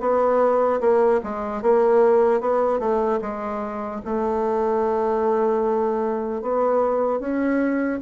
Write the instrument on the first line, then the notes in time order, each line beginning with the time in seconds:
bassoon
0.00 B3
0.81 A#3
1.24 G#3
1.63 A#3
2.41 B3
2.80 A3
3.21 G#3
4.05 A3
6.42 B3
7.20 C#4